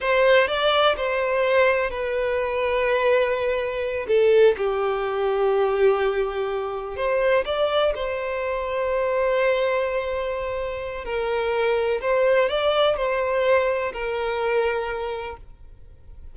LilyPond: \new Staff \with { instrumentName = "violin" } { \time 4/4 \tempo 4 = 125 c''4 d''4 c''2 | b'1~ | b'8 a'4 g'2~ g'8~ | g'2~ g'8 c''4 d''8~ |
d''8 c''2.~ c''8~ | c''2. ais'4~ | ais'4 c''4 d''4 c''4~ | c''4 ais'2. | }